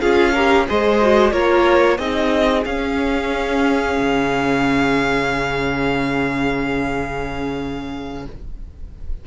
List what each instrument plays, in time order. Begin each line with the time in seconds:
0.00 cello C#4, viola F4, violin G#4 F5
0.33 viola G4, violin A#4
0.67 cello G#3, viola G#4, violin C5 D#5
1.01 viola F#4
1.31 cello A#3, viola F4, violin A#4 C#5
1.97 cello C4, viola D#4, violin G#4 D#5
2.64 viola C#4, cello C#4, violin F5
3.98 cello C#3